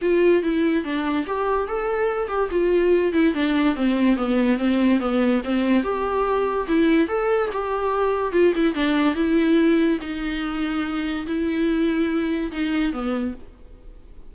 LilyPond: \new Staff \with { instrumentName = "viola" } { \time 4/4 \tempo 4 = 144 f'4 e'4 d'4 g'4 | a'4. g'8 f'4. e'8 | d'4 c'4 b4 c'4 | b4 c'4 g'2 |
e'4 a'4 g'2 | f'8 e'8 d'4 e'2 | dis'2. e'4~ | e'2 dis'4 b4 | }